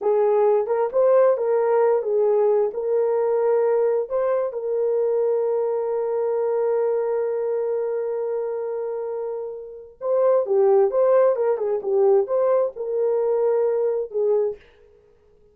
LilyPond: \new Staff \with { instrumentName = "horn" } { \time 4/4 \tempo 4 = 132 gis'4. ais'8 c''4 ais'4~ | ais'8 gis'4. ais'2~ | ais'4 c''4 ais'2~ | ais'1~ |
ais'1~ | ais'2 c''4 g'4 | c''4 ais'8 gis'8 g'4 c''4 | ais'2. gis'4 | }